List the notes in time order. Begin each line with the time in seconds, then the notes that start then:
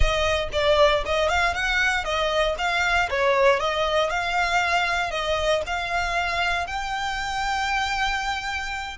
0.00 D#5
0.52 D5
1.05 D#5
1.28 F5
1.53 F#5
2.04 D#5
2.58 F5
3.10 C#5
3.59 D#5
4.09 F5
5.10 D#5
5.66 F5
6.66 G5